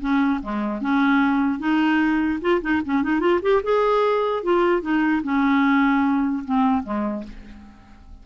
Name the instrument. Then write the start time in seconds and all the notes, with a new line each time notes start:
clarinet
0.00 C#4
0.42 G#3
0.81 C#4
1.59 D#4
2.41 F4
2.61 D#4
2.85 C#4
3.03 D#4
3.20 F4
3.42 G4
3.63 G#4
4.43 F4
4.81 D#4
5.23 C#4
6.45 C4
6.83 G#3